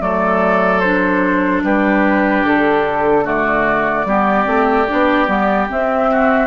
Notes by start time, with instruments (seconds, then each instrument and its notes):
0.00 bassoon F#3, clarinet A3, oboe A4, flute D5
0.80 clarinet D4, flute C5
1.63 bassoon G3, oboe G4, flute B4
2.44 bassoon D3, flute A4
3.24 clarinet A3, oboe F#4, flute D5
4.05 bassoon G3, clarinet B3, oboe G4
4.45 bassoon A3, clarinet C4
4.88 bassoon B3, clarinet D4
5.27 bassoon G3, clarinet B3
5.69 clarinet C4, bassoon C4, flute E5
6.11 oboe F#4